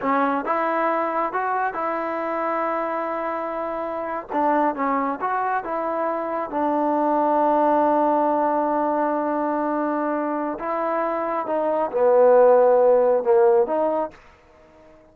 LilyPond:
\new Staff \with { instrumentName = "trombone" } { \time 4/4 \tempo 4 = 136 cis'4 e'2 fis'4 | e'1~ | e'4.~ e'16 d'4 cis'4 fis'16~ | fis'8. e'2 d'4~ d'16~ |
d'1~ | d'1 | e'2 dis'4 b4~ | b2 ais4 dis'4 | }